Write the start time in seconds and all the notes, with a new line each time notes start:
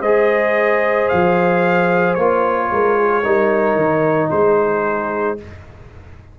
0.00 G#3 G#4 C5 D#5
1.08 F3 F5
2.14 A#3 F4 C#5
2.71 G#3 A#4
2.97 G#4
3.22 G3 D#4 A#4
3.75 D#3
4.30 G#3 G#4 C5